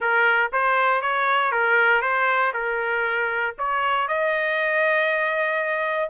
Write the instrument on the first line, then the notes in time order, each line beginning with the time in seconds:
trumpet
0.00 A#4
0.52 C5
1.01 C#5
1.51 A#4
2.01 C5
2.53 A#4
3.58 C#5
4.07 D#5